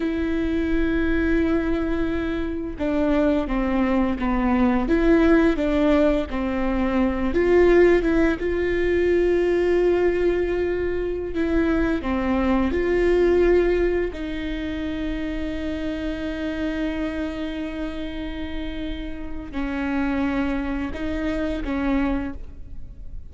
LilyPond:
\new Staff \with { instrumentName = "viola" } { \time 4/4 \tempo 4 = 86 e'1 | d'4 c'4 b4 e'4 | d'4 c'4. f'4 e'8 | f'1~ |
f'16 e'4 c'4 f'4.~ f'16~ | f'16 dis'2.~ dis'8.~ | dis'1 | cis'2 dis'4 cis'4 | }